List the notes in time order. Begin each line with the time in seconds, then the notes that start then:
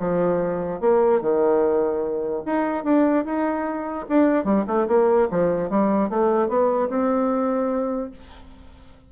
0.00 F3
0.81 A#3
1.22 D#3
2.46 D#4
2.85 D4
3.25 D#4
4.09 D4
4.45 G3
4.68 A3
4.88 A#3
5.31 F3
5.70 G3
6.10 A3
6.49 B3
6.89 C4